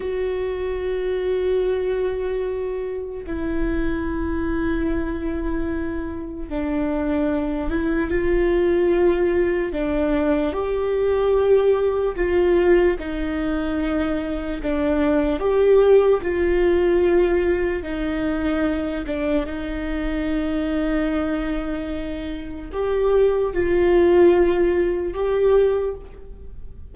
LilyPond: \new Staff \with { instrumentName = "viola" } { \time 4/4 \tempo 4 = 74 fis'1 | e'1 | d'4. e'8 f'2 | d'4 g'2 f'4 |
dis'2 d'4 g'4 | f'2 dis'4. d'8 | dis'1 | g'4 f'2 g'4 | }